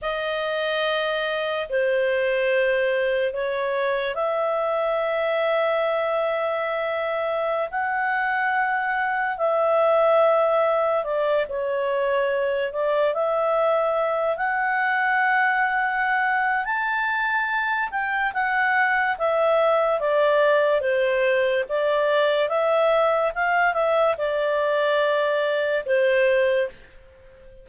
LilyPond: \new Staff \with { instrumentName = "clarinet" } { \time 4/4 \tempo 4 = 72 dis''2 c''2 | cis''4 e''2.~ | e''4~ e''16 fis''2 e''8.~ | e''4~ e''16 d''8 cis''4. d''8 e''16~ |
e''4~ e''16 fis''2~ fis''8. | a''4. g''8 fis''4 e''4 | d''4 c''4 d''4 e''4 | f''8 e''8 d''2 c''4 | }